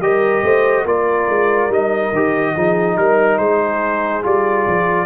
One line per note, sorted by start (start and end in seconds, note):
0.00 0.42 G3
0.00 0.86 G4
0.00 0.44 A#4
0.00 0.86 D#5
0.43 0.85 A3
0.43 0.84 C5
0.84 1.27 A#3
0.84 1.70 F4
0.84 2.53 A#4
0.84 1.72 D5
1.28 1.69 G#3
1.69 2.11 G3
1.69 2.13 D#4
1.69 2.97 D#5
2.12 2.54 D#3
2.12 2.56 G4
2.55 2.97 F3
2.55 4.23 D#4
2.55 2.96 G#4
2.96 3.38 G3
2.96 3.38 A#4
3.38 4.23 G#3
3.38 5.06 G#4
3.38 4.23 C5
4.23 4.67 G3
4.23 5.06 F4
4.23 5.06 D5
4.67 5.06 F3